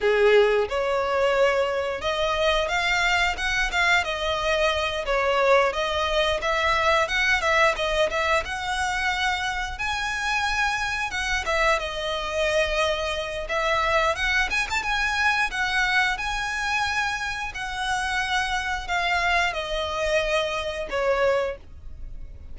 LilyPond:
\new Staff \with { instrumentName = "violin" } { \time 4/4 \tempo 4 = 89 gis'4 cis''2 dis''4 | f''4 fis''8 f''8 dis''4. cis''8~ | cis''8 dis''4 e''4 fis''8 e''8 dis''8 | e''8 fis''2 gis''4.~ |
gis''8 fis''8 e''8 dis''2~ dis''8 | e''4 fis''8 gis''16 a''16 gis''4 fis''4 | gis''2 fis''2 | f''4 dis''2 cis''4 | }